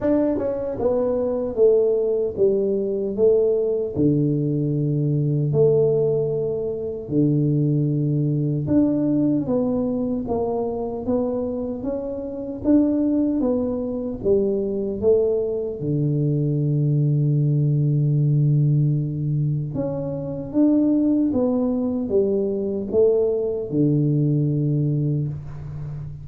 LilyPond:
\new Staff \with { instrumentName = "tuba" } { \time 4/4 \tempo 4 = 76 d'8 cis'8 b4 a4 g4 | a4 d2 a4~ | a4 d2 d'4 | b4 ais4 b4 cis'4 |
d'4 b4 g4 a4 | d1~ | d4 cis'4 d'4 b4 | g4 a4 d2 | }